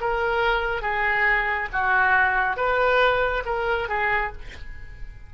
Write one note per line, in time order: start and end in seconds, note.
0.00 0.81 A#4
0.81 1.68 G#4
1.72 2.56 F#4
2.56 3.43 B4
3.45 3.88 A#4
3.88 4.32 G#4